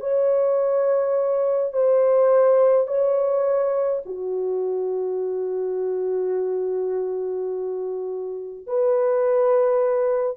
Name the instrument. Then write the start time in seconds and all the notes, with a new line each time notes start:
horn
0.00 C#5
1.73 C5
2.87 C#5
4.05 F#4
8.67 B4